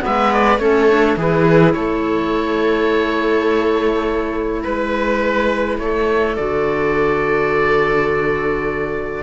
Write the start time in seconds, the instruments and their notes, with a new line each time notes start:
0.00 clarinet B3, viola B4, oboe E5
0.06 cello G#3
0.33 oboe D5
0.58 cello A3, clarinet C#4, viola A4, oboe C#5
0.89 clarinet D4
1.16 cello E3, clarinet E4, viola G#4, oboe B4
1.73 cello A3, viola A4, oboe C#5
4.63 cello G#3, viola B4, oboe B4
5.78 cello A3, viola A4, oboe C#5
6.36 cello D3, clarinet F#4, oboe D5